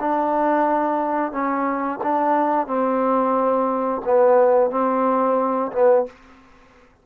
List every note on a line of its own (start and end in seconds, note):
0.00 1.32 D4
1.32 1.99 C#4
2.03 2.67 D4
2.67 4.02 C4
4.05 4.71 B3
4.71 5.72 C4
5.72 6.06 B3